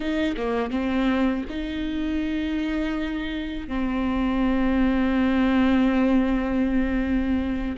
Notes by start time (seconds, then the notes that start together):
0.00 D#4
0.37 A#3
0.70 C4
1.49 D#4
3.68 C4